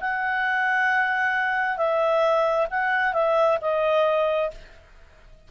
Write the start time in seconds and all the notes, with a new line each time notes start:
0.00 F#5
1.77 E5
2.70 F#5
3.13 E5
3.61 D#5